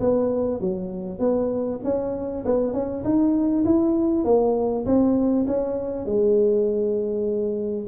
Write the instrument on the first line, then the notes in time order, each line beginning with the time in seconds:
tuba
0.00 B3
0.61 F#3
1.20 B3
1.84 C#4
2.45 B3
2.73 C#4
3.04 D#4
3.65 E4
4.25 A#3
4.85 C4
5.47 C#4
6.06 G#3